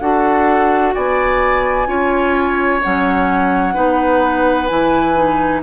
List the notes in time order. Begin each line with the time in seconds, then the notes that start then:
0.00 D4 F#4 A4 F#5
0.95 B3 D5 G#5
1.87 C#4 F4 C#5
2.82 F#3 C#4 F#5
3.74 B3 D#4 B4
4.67 E3 E4 G#5
5.15 D#4